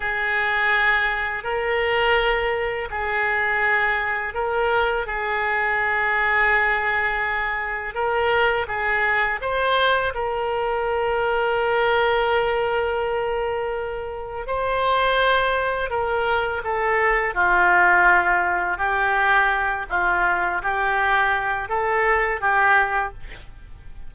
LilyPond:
\new Staff \with { instrumentName = "oboe" } { \time 4/4 \tempo 4 = 83 gis'2 ais'2 | gis'2 ais'4 gis'4~ | gis'2. ais'4 | gis'4 c''4 ais'2~ |
ais'1 | c''2 ais'4 a'4 | f'2 g'4. f'8~ | f'8 g'4. a'4 g'4 | }